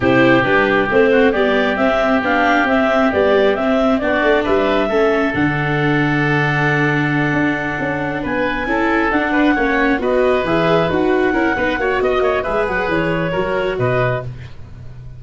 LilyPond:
<<
  \new Staff \with { instrumentName = "clarinet" } { \time 4/4 \tempo 4 = 135 c''4 b'4 c''4 d''4 | e''4 f''4 e''4 d''4 | e''4 d''4 e''2 | fis''1~ |
fis''2~ fis''8 gis''4.~ | gis''8 fis''2 dis''4 e''8~ | e''8 fis''2~ fis''8 dis''4 | e''8 fis''8 cis''2 dis''4 | }
  \new Staff \with { instrumentName = "oboe" } { \time 4/4 g'2~ g'8 fis'8 g'4~ | g'1~ | g'4 fis'4 b'4 a'4~ | a'1~ |
a'2~ a'8 b'4 a'8~ | a'4 b'8 cis''4 b'4.~ | b'4. ais'8 b'8 cis''8 dis''8 cis''8 | b'2 ais'4 b'4 | }
  \new Staff \with { instrumentName = "viola" } { \time 4/4 e'4 d'4 c'4 b4 | c'4 d'4 c'4 g4 | c'4 d'2 cis'4 | d'1~ |
d'2.~ d'8 e'8~ | e'8 d'4 cis'4 fis'4 gis'8~ | gis'8 fis'4 e'8 dis'8 fis'4. | gis'2 fis'2 | }
  \new Staff \with { instrumentName = "tuba" } { \time 4/4 c4 g4 a4 g4 | c'4 b4 c'4 b4 | c'4 b8 a8 g4 a4 | d1~ |
d8 d'4 cis'4 b4 cis'8~ | cis'8 d'4 ais4 b4 e8~ | e8 dis'4 cis'8 b8 ais8 b8 ais8 | gis8 fis8 e4 fis4 b,4 | }
>>